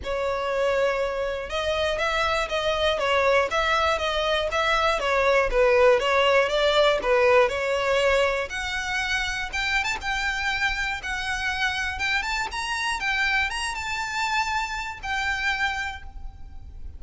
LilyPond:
\new Staff \with { instrumentName = "violin" } { \time 4/4 \tempo 4 = 120 cis''2. dis''4 | e''4 dis''4 cis''4 e''4 | dis''4 e''4 cis''4 b'4 | cis''4 d''4 b'4 cis''4~ |
cis''4 fis''2 g''8. a''16 | g''2 fis''2 | g''8 a''8 ais''4 g''4 ais''8 a''8~ | a''2 g''2 | }